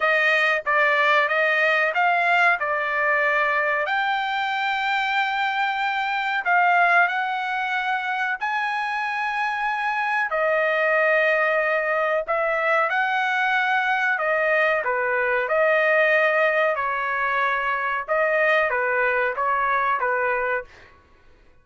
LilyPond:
\new Staff \with { instrumentName = "trumpet" } { \time 4/4 \tempo 4 = 93 dis''4 d''4 dis''4 f''4 | d''2 g''2~ | g''2 f''4 fis''4~ | fis''4 gis''2. |
dis''2. e''4 | fis''2 dis''4 b'4 | dis''2 cis''2 | dis''4 b'4 cis''4 b'4 | }